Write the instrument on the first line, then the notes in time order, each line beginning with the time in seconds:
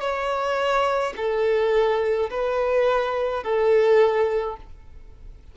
violin
0.00 C#5
1.16 A4
2.30 B4
3.43 A4